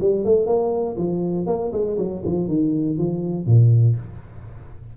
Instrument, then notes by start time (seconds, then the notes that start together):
tuba
0.00 G3
0.25 A3
0.46 A#3
0.97 F3
1.47 A#3
1.72 G#3
1.98 F#3
2.25 F3
2.48 D#3
2.98 F3
3.46 A#2